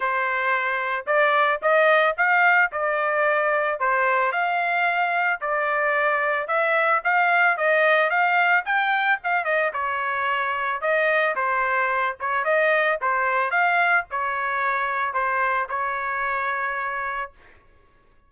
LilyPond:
\new Staff \with { instrumentName = "trumpet" } { \time 4/4 \tempo 4 = 111 c''2 d''4 dis''4 | f''4 d''2 c''4 | f''2 d''2 | e''4 f''4 dis''4 f''4 |
g''4 f''8 dis''8 cis''2 | dis''4 c''4. cis''8 dis''4 | c''4 f''4 cis''2 | c''4 cis''2. | }